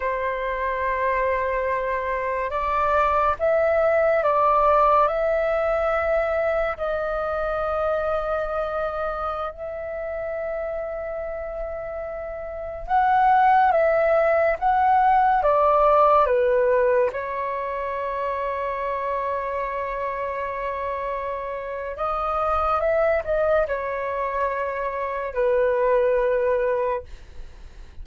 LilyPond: \new Staff \with { instrumentName = "flute" } { \time 4/4 \tempo 4 = 71 c''2. d''4 | e''4 d''4 e''2 | dis''2.~ dis''16 e''8.~ | e''2.~ e''16 fis''8.~ |
fis''16 e''4 fis''4 d''4 b'8.~ | b'16 cis''2.~ cis''8.~ | cis''2 dis''4 e''8 dis''8 | cis''2 b'2 | }